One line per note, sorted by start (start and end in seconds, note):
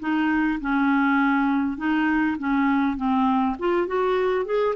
0.00 0.59 D#4
0.60 1.78 C#4
1.78 2.37 D#4
2.38 2.97 C#4
2.97 3.56 C4
3.59 3.87 F4
3.87 4.46 F#4
4.46 4.75 G#4